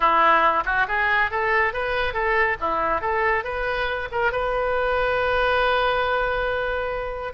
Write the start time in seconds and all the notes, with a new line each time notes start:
0.00 E4
0.65 F#4
0.87 G#4
1.30 A4
1.73 B4
2.13 A4
2.60 E4
3.01 A4
3.44 B4
4.11 A#4
4.32 B4